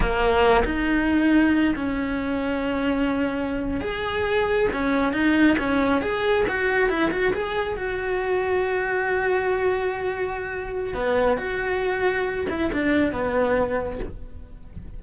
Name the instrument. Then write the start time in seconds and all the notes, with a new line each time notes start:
cello
0.00 A#3
0.64 D#4
1.75 C#4
3.80 G#4
4.72 C#4
5.13 D#4
5.58 C#4
6.01 G#4
6.48 F#4
6.89 E4
7.11 F#4
7.33 G#4
7.77 F#4
10.94 B3
11.37 F#4
12.49 E4
12.72 D4
13.11 B3